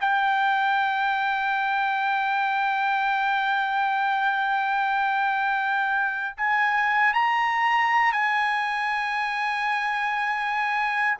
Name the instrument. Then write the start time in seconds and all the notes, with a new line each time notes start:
trumpet
0.00 G5
6.37 G#5
7.13 A#5
8.12 G#5